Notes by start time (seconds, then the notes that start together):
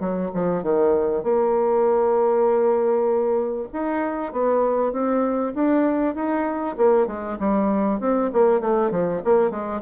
0.00 F#3
0.34 F3
0.63 D#3
1.23 A#3
3.73 D#4
4.32 B3
4.92 C4
5.54 D4
6.14 D#4
6.77 A#3
7.07 G#3
7.39 G3
8.00 C4
8.33 A#3
8.60 A3
8.91 F3
9.24 A#3
9.50 G#3